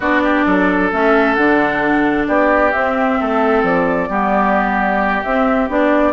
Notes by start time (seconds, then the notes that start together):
0.00 B3 D4 F#4 D5
0.22 G4
0.46 F#3 A4
0.92 A3 C#4 E5
1.34 D3 D4 F#5
2.27 B3 G4 D5
2.72 C4 E5
3.20 A3 A4
3.63 F3 D5
4.09 G3 B3 G4
5.23 C4 E5
5.68 B3 D4 D5